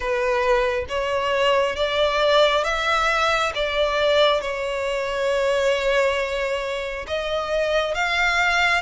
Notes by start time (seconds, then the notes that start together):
0.00 B4
0.88 C#5
1.76 D5
2.64 E5
3.55 D5
4.41 C#5
7.07 D#5
7.94 F5